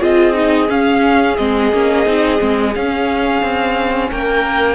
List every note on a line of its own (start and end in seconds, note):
0.00 0.70 C4
0.00 0.34 F4
0.00 4.09 G#4
0.00 0.70 D#5
0.34 0.68 D#4
0.69 1.37 C#4
0.69 1.38 C#4
0.69 1.37 F5
1.37 1.72 G#3
1.37 1.72 C4
1.37 2.73 D#5
1.72 2.06 A#3
1.72 2.07 C#4
2.06 2.40 C4
2.06 2.38 D#4
2.38 2.76 G#3
2.38 2.73 C4
2.75 4.75 C#4
2.75 3.43 C#4
2.75 4.11 F5
3.43 4.11 C4
4.11 4.75 A#3
4.11 4.75 A#4
4.11 4.75 G5